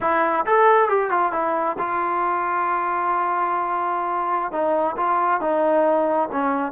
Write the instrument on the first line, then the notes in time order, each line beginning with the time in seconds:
trombone
0.01 E4
0.46 A4
0.88 G4
1.10 F4
1.32 E4
1.78 F4
4.51 D#4
4.97 F4
5.40 D#4
6.31 C#4